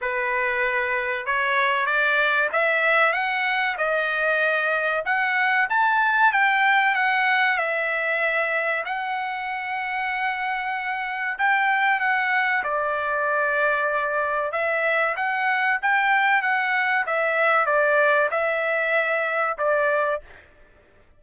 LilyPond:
\new Staff \with { instrumentName = "trumpet" } { \time 4/4 \tempo 4 = 95 b'2 cis''4 d''4 | e''4 fis''4 dis''2 | fis''4 a''4 g''4 fis''4 | e''2 fis''2~ |
fis''2 g''4 fis''4 | d''2. e''4 | fis''4 g''4 fis''4 e''4 | d''4 e''2 d''4 | }